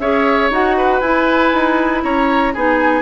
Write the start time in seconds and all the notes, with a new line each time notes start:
0.00 C#4 G#4 C#5 E5
0.51 D#4 F#4 F#5
0.78 B4
1.01 E4 G#5
1.53 D#4
2.04 C#4 C#5 A#5
2.54 B3 D#4 G#4 G#5